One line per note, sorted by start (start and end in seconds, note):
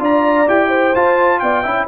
0.00 0.47 D4
0.00 0.47 F4
0.00 0.69 D5
0.00 0.49 A#5
0.48 0.95 E4
0.48 0.94 G4
0.48 0.96 G5
0.69 1.40 C5
0.96 1.65 F4
0.96 1.43 F4
0.96 1.40 A5
1.40 1.65 B3
1.40 1.63 D5
1.40 1.87 G5
1.63 1.88 C#4
1.63 1.88 E4
1.63 1.87 E5